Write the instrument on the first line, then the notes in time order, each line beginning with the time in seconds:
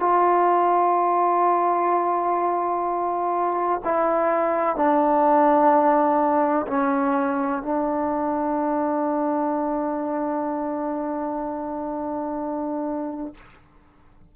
trombone
0.00 F4
3.84 E4
4.76 D4
6.68 C#4
7.63 D4